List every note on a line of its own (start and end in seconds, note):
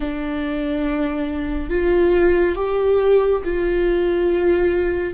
0.00 1.69 D4
1.69 2.55 F4
2.55 3.41 G4
3.44 5.13 F4